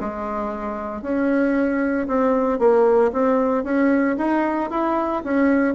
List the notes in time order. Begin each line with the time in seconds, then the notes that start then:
0.00 G#3
1.02 C#4
2.07 C4
2.59 A#3
3.12 C4
3.64 C#4
4.17 D#4
4.70 E4
5.23 C#4